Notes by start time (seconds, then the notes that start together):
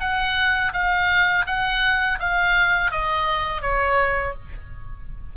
0.00 F#5
0.73 F5
1.47 F#5
2.19 F5
2.91 D#5
3.61 C#5